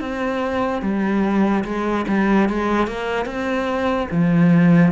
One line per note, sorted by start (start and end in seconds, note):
0.00 0.82 C4
0.82 1.64 G3
1.64 2.05 G#3
2.08 2.49 G3
2.49 2.87 G#3
2.87 3.25 A#3
3.25 4.08 C4
4.11 4.92 F3